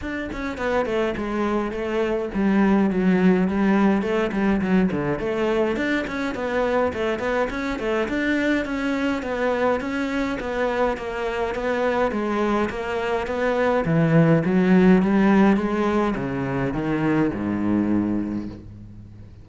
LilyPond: \new Staff \with { instrumentName = "cello" } { \time 4/4 \tempo 4 = 104 d'8 cis'8 b8 a8 gis4 a4 | g4 fis4 g4 a8 g8 | fis8 d8 a4 d'8 cis'8 b4 | a8 b8 cis'8 a8 d'4 cis'4 |
b4 cis'4 b4 ais4 | b4 gis4 ais4 b4 | e4 fis4 g4 gis4 | cis4 dis4 gis,2 | }